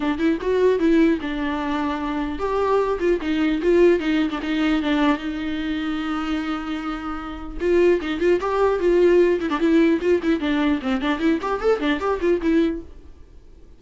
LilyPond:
\new Staff \with { instrumentName = "viola" } { \time 4/4 \tempo 4 = 150 d'8 e'8 fis'4 e'4 d'4~ | d'2 g'4. f'8 | dis'4 f'4 dis'8. d'16 dis'4 | d'4 dis'2.~ |
dis'2. f'4 | dis'8 f'8 g'4 f'4. e'16 d'16 | e'4 f'8 e'8 d'4 c'8 d'8 | e'8 g'8 a'8 d'8 g'8 f'8 e'4 | }